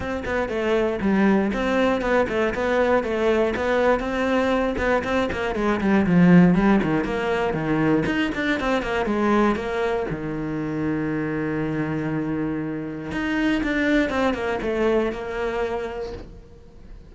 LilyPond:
\new Staff \with { instrumentName = "cello" } { \time 4/4 \tempo 4 = 119 c'8 b8 a4 g4 c'4 | b8 a8 b4 a4 b4 | c'4. b8 c'8 ais8 gis8 g8 | f4 g8 dis8 ais4 dis4 |
dis'8 d'8 c'8 ais8 gis4 ais4 | dis1~ | dis2 dis'4 d'4 | c'8 ais8 a4 ais2 | }